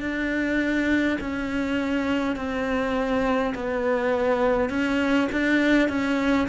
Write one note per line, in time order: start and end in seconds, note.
0.00 1.18 D4
1.20 2.36 C#4
2.36 3.53 C4
3.55 4.69 B3
4.69 5.28 C#4
5.32 5.89 D4
5.89 6.48 C#4